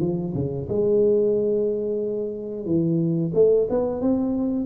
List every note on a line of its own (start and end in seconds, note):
0.00 0.33 F3
0.34 0.68 C#3
0.69 2.65 G#3
2.65 3.32 E3
3.34 3.67 A3
3.69 4.01 B3
4.01 4.65 C4